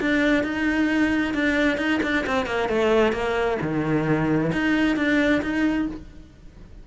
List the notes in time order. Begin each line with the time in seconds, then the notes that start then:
0.00 D4
0.43 D#4
1.34 D4
1.77 D#4
2.02 D4
2.26 C4
2.46 A#3
2.69 A3
3.12 A#3
3.61 D#3
4.52 D#4
4.96 D4
5.42 D#4